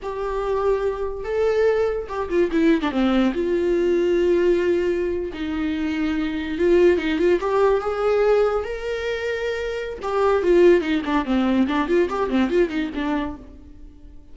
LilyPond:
\new Staff \with { instrumentName = "viola" } { \time 4/4 \tempo 4 = 144 g'2. a'4~ | a'4 g'8 f'8 e'8. d'16 c'4 | f'1~ | f'8. dis'2. f'16~ |
f'8. dis'8 f'8 g'4 gis'4~ gis'16~ | gis'8. ais'2.~ ais'16 | g'4 f'4 dis'8 d'8 c'4 | d'8 f'8 g'8 c'8 f'8 dis'8 d'4 | }